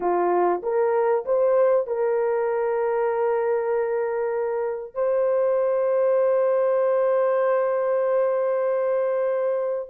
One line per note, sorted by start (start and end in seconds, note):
0.00 0.61 F4
0.62 1.24 A#4
1.25 1.86 C5
1.86 4.94 A#4
4.94 9.89 C5